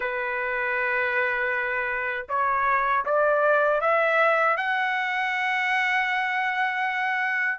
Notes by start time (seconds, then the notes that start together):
0.00 B4
2.28 C#5
3.05 D5
3.80 E5
4.56 F#5